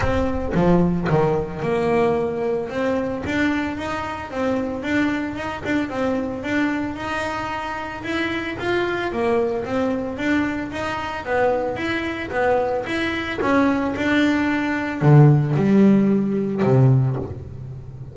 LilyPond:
\new Staff \with { instrumentName = "double bass" } { \time 4/4 \tempo 4 = 112 c'4 f4 dis4 ais4~ | ais4 c'4 d'4 dis'4 | c'4 d'4 dis'8 d'8 c'4 | d'4 dis'2 e'4 |
f'4 ais4 c'4 d'4 | dis'4 b4 e'4 b4 | e'4 cis'4 d'2 | d4 g2 c4 | }